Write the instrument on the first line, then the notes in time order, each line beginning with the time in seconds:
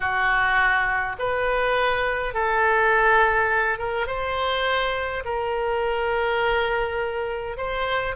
oboe
0.00 F#4
1.18 B4
2.34 A4
3.78 A#4
4.06 C5
5.25 A#4
7.57 C5